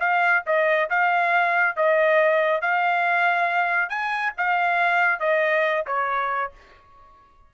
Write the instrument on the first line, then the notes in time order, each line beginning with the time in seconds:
trumpet
0.00 F5
0.46 D#5
0.90 F5
1.76 D#5
2.61 F5
3.89 G#5
4.37 F5
5.20 D#5
5.87 C#5